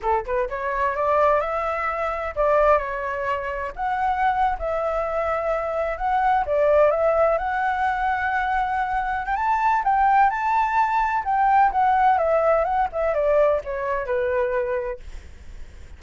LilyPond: \new Staff \with { instrumentName = "flute" } { \time 4/4 \tempo 4 = 128 a'8 b'8 cis''4 d''4 e''4~ | e''4 d''4 cis''2 | fis''4.~ fis''16 e''2~ e''16~ | e''8. fis''4 d''4 e''4 fis''16~ |
fis''2.~ fis''8. g''16 | a''4 g''4 a''2 | g''4 fis''4 e''4 fis''8 e''8 | d''4 cis''4 b'2 | }